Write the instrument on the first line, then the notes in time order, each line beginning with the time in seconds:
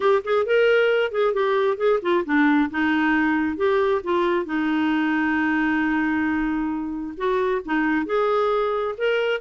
clarinet
0.00 G4
0.24 G#4
0.46 A#4
1.11 G#4
1.33 G4
1.77 G#4
2.01 F4
2.25 D4
2.70 D#4
3.56 G4
4.03 F4
4.45 D#4
7.17 F#4
7.65 D#4
8.05 G#4
8.97 A#4